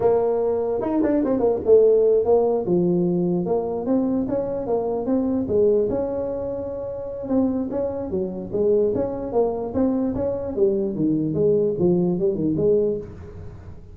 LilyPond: \new Staff \with { instrumentName = "tuba" } { \time 4/4 \tempo 4 = 148 ais2 dis'8 d'8 c'8 ais8 | a4. ais4 f4.~ | f8 ais4 c'4 cis'4 ais8~ | ais8 c'4 gis4 cis'4.~ |
cis'2 c'4 cis'4 | fis4 gis4 cis'4 ais4 | c'4 cis'4 g4 dis4 | gis4 f4 g8 dis8 gis4 | }